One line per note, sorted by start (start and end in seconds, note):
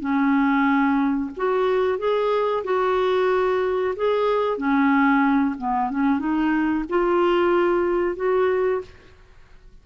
0.00 1.30 C#4
1.37 1.99 F#4
1.99 2.64 G#4
2.64 3.95 F#4
3.96 4.58 G#4
4.58 5.56 C#4
5.58 5.91 B3
5.91 6.19 C#4
6.19 6.84 D#4
6.90 8.16 F4
8.16 8.81 F#4